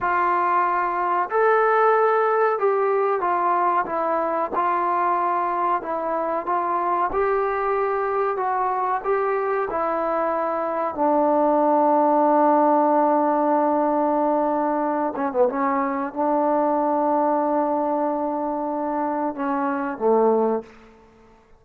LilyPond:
\new Staff \with { instrumentName = "trombone" } { \time 4/4 \tempo 4 = 93 f'2 a'2 | g'4 f'4 e'4 f'4~ | f'4 e'4 f'4 g'4~ | g'4 fis'4 g'4 e'4~ |
e'4 d'2.~ | d'2.~ d'8 cis'16 b16 | cis'4 d'2.~ | d'2 cis'4 a4 | }